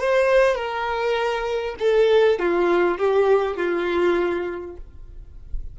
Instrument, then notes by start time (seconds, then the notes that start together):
violin
0.00 C5
0.55 A#4
1.79 A4
2.39 F4
2.98 G4
3.56 F4